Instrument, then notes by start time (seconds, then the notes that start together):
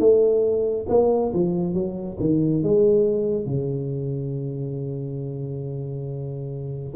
tuba
0.00 A3
0.89 A#3
1.34 F3
1.74 F#3
2.20 D#3
2.64 G#3
3.47 C#3